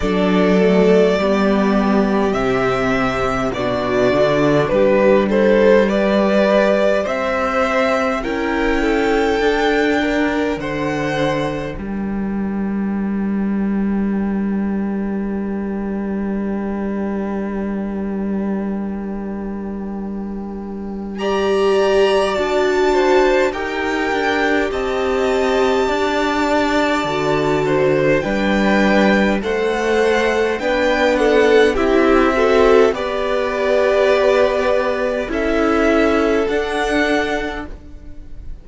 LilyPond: <<
  \new Staff \with { instrumentName = "violin" } { \time 4/4 \tempo 4 = 51 d''2 e''4 d''4 | b'8 c''8 d''4 e''4 g''4~ | g''4 fis''4 g''2~ | g''1~ |
g''2 ais''4 a''4 | g''4 a''2. | g''4 fis''4 g''8 fis''8 e''4 | d''2 e''4 fis''4 | }
  \new Staff \with { instrumentName = "violin" } { \time 4/4 a'4 g'2 fis'4 | g'8 a'8 b'4 c''4 ais'8 a'8~ | a'8 ais'8 c''4 ais'2~ | ais'1~ |
ais'2 d''4. c''8 | ais'4 dis''4 d''4. c''8 | b'4 c''4 b'8 a'8 g'8 a'8 | b'2 a'2 | }
  \new Staff \with { instrumentName = "viola" } { \time 4/4 d'8 a8 b4 c'4 d'4~ | d'4 g'2 e'4 | d'1~ | d'1~ |
d'2 g'4 fis'4 | g'2. fis'4 | d'4 a'4 d'4 e'8 fis'8 | g'2 e'4 d'4 | }
  \new Staff \with { instrumentName = "cello" } { \time 4/4 fis4 g4 c4 b,8 d8 | g2 c'4 cis'4 | d'4 d4 g2~ | g1~ |
g2. d'4 | dis'8 d'8 c'4 d'4 d4 | g4 a4 b4 c'4 | b2 cis'4 d'4 | }
>>